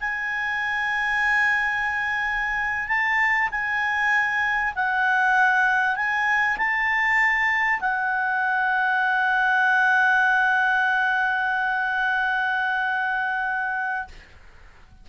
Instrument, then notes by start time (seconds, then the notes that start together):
clarinet
0.00 G#5
2.87 A5
3.51 G#5
4.75 F#5
5.96 G#5
6.57 A5
7.80 F#5